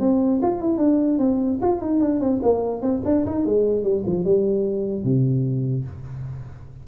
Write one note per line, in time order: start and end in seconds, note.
0.00 0.41 C4
0.43 0.61 F4
0.61 0.78 E4
0.78 1.19 D4
1.19 1.59 C4
1.62 1.82 F4
1.82 2.00 D#4
2.00 2.21 D4
2.21 2.41 C4
2.43 2.82 A#3
2.82 3.02 C4
3.05 3.26 D4
3.26 3.46 D#4
3.46 3.84 G#3
3.84 4.04 G3
4.07 4.25 F3
4.25 5.04 G3
5.04 5.85 C3